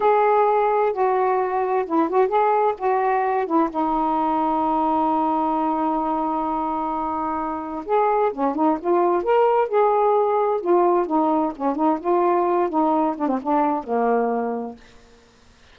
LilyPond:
\new Staff \with { instrumentName = "saxophone" } { \time 4/4 \tempo 4 = 130 gis'2 fis'2 | e'8 fis'8 gis'4 fis'4. e'8 | dis'1~ | dis'1~ |
dis'4 gis'4 cis'8 dis'8 f'4 | ais'4 gis'2 f'4 | dis'4 cis'8 dis'8 f'4. dis'8~ | dis'8 d'16 c'16 d'4 ais2 | }